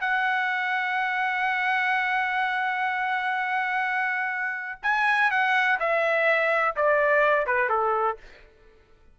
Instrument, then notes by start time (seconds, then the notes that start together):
trumpet
0.00 F#5
4.82 G#5
5.30 F#5
5.79 E5
6.76 D5
7.46 B4
7.69 A4